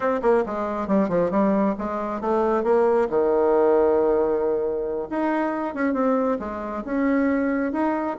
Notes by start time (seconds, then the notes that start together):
0.00 C4
0.21 A#3
0.46 G#3
0.87 G3
1.08 F3
1.30 G3
1.78 G#3
2.20 A3
2.63 A#3
3.09 D#3
5.10 D#4
5.74 C#4
5.93 C4
6.39 G#3
6.85 C#4
7.72 D#4